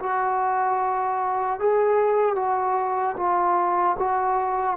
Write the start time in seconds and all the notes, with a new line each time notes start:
0.00 F#4
1.60 G#4
2.36 F#4
3.17 F4
3.99 F#4